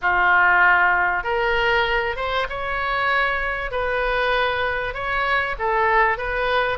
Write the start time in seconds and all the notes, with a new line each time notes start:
0.01 F4
1.23 A#4
2.16 C5
2.49 C#5
3.71 B4
4.93 C#5
5.58 A4
6.17 B4